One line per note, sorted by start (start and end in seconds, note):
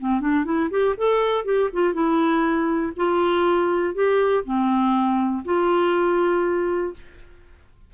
0.00 0.21 C4
0.21 0.45 D4
0.45 0.70 E4
0.71 0.95 G4
0.98 1.45 A4
1.45 1.70 G4
1.73 1.94 F4
1.94 2.93 E4
2.97 3.95 F4
3.95 4.44 G4
4.45 5.44 C4
5.45 6.94 F4